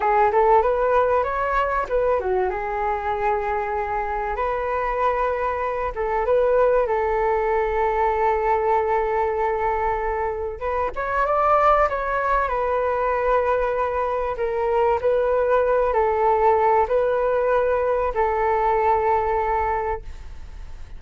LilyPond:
\new Staff \with { instrumentName = "flute" } { \time 4/4 \tempo 4 = 96 gis'8 a'8 b'4 cis''4 b'8 fis'8 | gis'2. b'4~ | b'4. a'8 b'4 a'4~ | a'1~ |
a'4 b'8 cis''8 d''4 cis''4 | b'2. ais'4 | b'4. a'4. b'4~ | b'4 a'2. | }